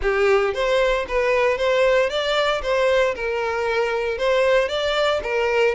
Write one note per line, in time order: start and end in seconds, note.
0.01 0.54 G4
0.54 1.06 C5
1.08 1.57 B4
1.57 2.09 C5
2.09 2.61 D5
2.62 3.14 C5
3.15 4.18 A#4
4.18 4.68 C5
4.68 5.20 D5
5.23 5.74 A#4